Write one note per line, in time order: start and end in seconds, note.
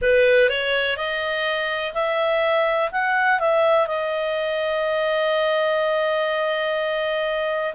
0.01 0.49 B4
0.49 0.96 C#5
0.96 1.93 D#5
1.94 2.90 E5
2.91 3.39 F#5
3.39 3.87 E5
3.87 7.74 D#5